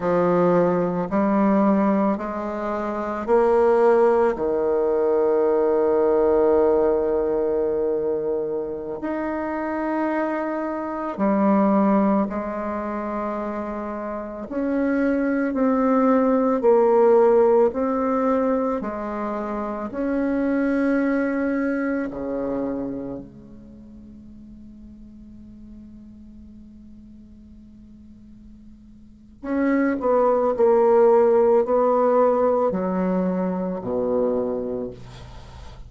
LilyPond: \new Staff \with { instrumentName = "bassoon" } { \time 4/4 \tempo 4 = 55 f4 g4 gis4 ais4 | dis1~ | dis16 dis'2 g4 gis8.~ | gis4~ gis16 cis'4 c'4 ais8.~ |
ais16 c'4 gis4 cis'4.~ cis'16~ | cis'16 cis4 gis2~ gis8.~ | gis2. cis'8 b8 | ais4 b4 fis4 b,4 | }